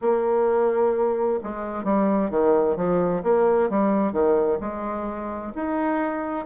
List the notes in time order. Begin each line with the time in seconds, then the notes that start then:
0.01 A#3
1.43 G#3
1.84 G3
2.30 D#3
2.76 F3
3.23 A#3
3.69 G3
4.12 D#3
4.60 G#3
5.55 D#4